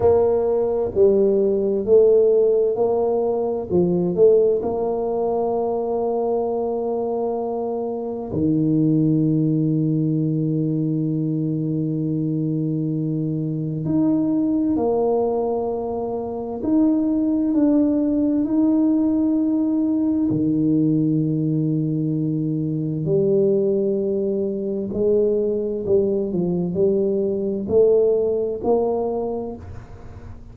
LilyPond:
\new Staff \with { instrumentName = "tuba" } { \time 4/4 \tempo 4 = 65 ais4 g4 a4 ais4 | f8 a8 ais2.~ | ais4 dis2.~ | dis2. dis'4 |
ais2 dis'4 d'4 | dis'2 dis2~ | dis4 g2 gis4 | g8 f8 g4 a4 ais4 | }